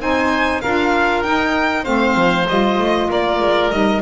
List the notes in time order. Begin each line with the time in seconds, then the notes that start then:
0.00 C4 D#4 C5 G#5
0.61 D4 F4 A#4 F5
1.23 D#4 G5
1.83 A3 C4 C5 F5
2.15 F3
2.47 G3 F4 D#5
2.79 A3
3.10 A#3 A#4 D5
3.40 G#3
3.71 G3 D#4 D#5